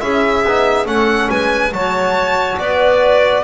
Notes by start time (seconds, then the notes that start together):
0.00 C#4 E4 G#4 E5
0.44 B3 D#4
0.85 A3 C#4 A4 F#5
1.29 G#3 B4 G#5
1.71 F#3 F#4 C#5 A5
2.58 B3 B4 D5